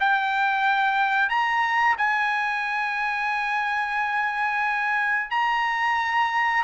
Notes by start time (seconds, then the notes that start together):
0.00 G5
1.29 A#5
1.98 G#5
5.31 A#5